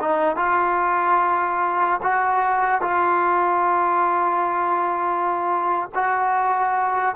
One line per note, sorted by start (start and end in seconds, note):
0.00 0.36 D#4
0.36 2.01 F4
2.02 2.81 F#4
2.81 5.90 F4
5.94 7.15 F#4